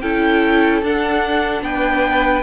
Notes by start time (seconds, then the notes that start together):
0.00 C#4 E4 A4 G5
0.82 D4 F#5
1.61 B3 B4 G5